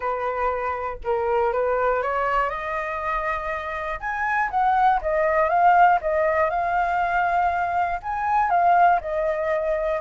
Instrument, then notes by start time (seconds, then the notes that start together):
flute
0.00 B4
1.04 A#4
1.52 B4
2.02 C#5
2.49 D#5
4.00 G#5
4.50 F#5
5.01 D#5
5.49 F5
6.01 D#5
6.50 F5
8.02 G#5
8.50 F5
9.00 D#5